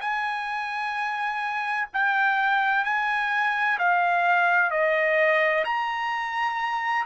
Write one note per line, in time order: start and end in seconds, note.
0.00 1.87 G#5
1.93 2.84 G5
2.84 3.78 G#5
3.78 4.70 F5
4.70 5.64 D#5
5.65 7.05 A#5